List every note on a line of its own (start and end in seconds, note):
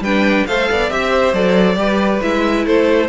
0.00 0.44 G3
0.00 0.48 D4
0.00 0.47 B4
0.00 0.47 G5
0.47 0.70 A3
0.47 0.90 A4
0.47 0.70 C5
0.47 0.91 F5
0.71 0.91 B3
0.71 0.93 D5
0.90 1.33 C4
0.90 1.34 G4
0.90 1.34 E5
0.90 1.11 E5
1.11 1.77 C5
1.33 1.77 F#3
1.33 1.76 A4
1.33 2.22 D5
1.76 2.21 G3
1.76 2.20 G4
1.76 2.67 B4
2.22 2.66 G#3
2.22 3.09 E4
2.22 2.66 E5
2.66 3.09 A3
2.66 3.09 A4
2.66 3.09 C5